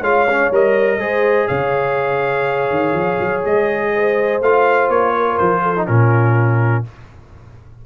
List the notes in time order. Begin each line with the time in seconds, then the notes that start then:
0.00 G#3 F4 C#5 F5
0.30 C#4
0.50 G3 A#4 D#5
0.98 G#3 G#4 C5
1.47 C#3 C#5 F5
2.70 D#3
2.93 F3
3.19 F#3
3.44 G#3 D#5
3.94 C5
4.41 A3 F4 F5
4.89 A#3 C#5
5.16 A#4
5.37 F3 C5
5.62 A4
5.76 D#4
5.87 A#2 C#4 F4 A#4